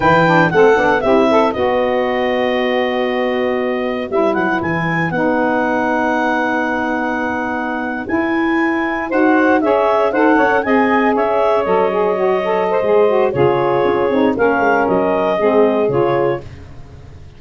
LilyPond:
<<
  \new Staff \with { instrumentName = "clarinet" } { \time 4/4 \tempo 4 = 117 g''4 fis''4 e''4 dis''4~ | dis''1 | e''8 fis''8 gis''4 fis''2~ | fis''2.~ fis''8. gis''16~ |
gis''4.~ gis''16 fis''4 e''4 fis''16~ | fis''8. gis''4 e''4 dis''4~ dis''16~ | dis''2 cis''2 | f''4 dis''2 cis''4 | }
  \new Staff \with { instrumentName = "saxophone" } { \time 4/4 b'4 a'4 g'8 a'8 b'4~ | b'1~ | b'1~ | b'1~ |
b'4.~ b'16 c''4 cis''4 c''16~ | c''16 cis''8 dis''4 cis''2~ cis''16~ | cis''8. c''4~ c''16 gis'2 | ais'2 gis'2 | }
  \new Staff \with { instrumentName = "saxophone" } { \time 4/4 e'8 d'8 c'8 d'8 e'4 fis'4~ | fis'1 | e'2 dis'2~ | dis'2.~ dis'8. e'16~ |
e'4.~ e'16 fis'4 gis'4 a'16~ | a'8. gis'2 a'8 gis'8 fis'16~ | fis'16 a'8. gis'8 fis'8 f'4. dis'8 | cis'2 c'4 f'4 | }
  \new Staff \with { instrumentName = "tuba" } { \time 4/4 e4 a8 b8 c'4 b4~ | b1 | g8 fis8 e4 b2~ | b2.~ b8. e'16~ |
e'4.~ e'16 dis'4 cis'4 dis'16~ | dis'16 cis'8 c'4 cis'4 fis4~ fis16~ | fis4 gis4 cis4 cis'8 c'8 | ais8 gis8 fis4 gis4 cis4 | }
>>